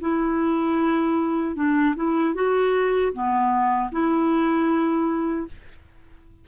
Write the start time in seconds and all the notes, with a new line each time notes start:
0.00 E4
1.55 D4
1.95 E4
2.34 F#4
3.12 B3
3.91 E4